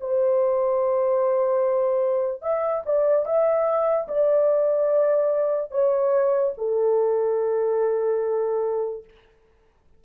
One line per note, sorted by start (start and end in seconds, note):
0.00 2.42 C5
2.42 2.83 E5
2.85 3.25 D5
3.25 4.07 E5
4.08 5.71 D5
5.71 6.53 C#5
6.58 9.04 A4